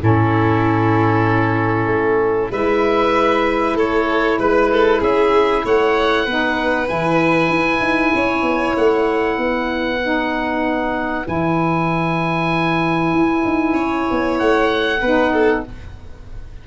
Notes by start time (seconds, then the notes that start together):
0.00 A2 C#4 E4 A4
1.87 A3
2.51 G#3 E4 B4 E5
3.75 A3 A4 C#5
4.39 G#3 B4
4.71 A4
5.01 C#4 G#4 E5
5.65 A3 C#5 F#5
6.25 B3 D#4 B4
6.86 E3 E4 G#5
7.49 E4
7.81 D#4
8.15 C#4 C#5
8.42 B3
8.77 A3 F#5
9.38 B3 B4
10.02 D#4
11.25 E3 E4 G#5
13.13 E4
13.45 D#4
13.73 C#4 C#5
14.11 B3
14.39 A3 F#5
15.01 B3 D#4 B4
15.33 A4